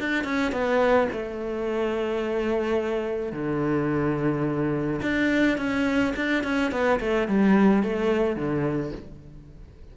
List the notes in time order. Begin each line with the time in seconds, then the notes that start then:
0.00 D4
0.24 C#4
0.53 B3
1.13 A3
3.33 D3
5.02 D4
5.58 C#4
6.16 D4
6.44 C#4
6.72 B3
7.00 A3
7.28 G3
7.83 A3
8.36 D3